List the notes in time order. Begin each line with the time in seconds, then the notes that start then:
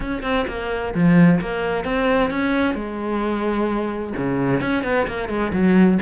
0.00 C#4
0.22 C4
0.47 A#3
0.94 F3
1.40 A#3
1.84 C4
2.30 C#4
2.74 G#3
4.17 C#3
4.60 C#4
4.83 B3
5.07 A#3
5.28 G#3
5.52 F#3